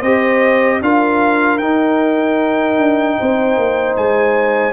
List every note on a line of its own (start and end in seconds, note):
0.00 0.81 C4
0.00 0.83 G4
0.00 0.79 C5
0.00 0.81 D#5
0.82 1.59 D4
0.82 1.61 F4
0.82 3.20 A#4
0.82 1.58 F5
1.58 2.78 D#4
1.58 4.73 D#4
1.58 3.95 G5
2.78 3.17 D4
3.20 3.57 C4
3.20 4.73 C5
3.57 3.96 A#3
3.97 4.73 G#3
3.97 4.73 G#5